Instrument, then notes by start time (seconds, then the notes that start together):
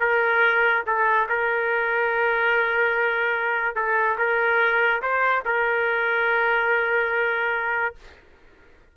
trumpet
0.00 A#4
0.86 A4
1.29 A#4
3.75 A4
4.18 A#4
5.02 C5
5.45 A#4